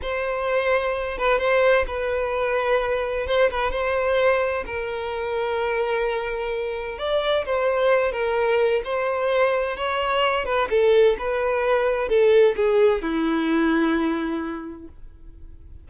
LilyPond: \new Staff \with { instrumentName = "violin" } { \time 4/4 \tempo 4 = 129 c''2~ c''8 b'8 c''4 | b'2. c''8 b'8 | c''2 ais'2~ | ais'2. d''4 |
c''4. ais'4. c''4~ | c''4 cis''4. b'8 a'4 | b'2 a'4 gis'4 | e'1 | }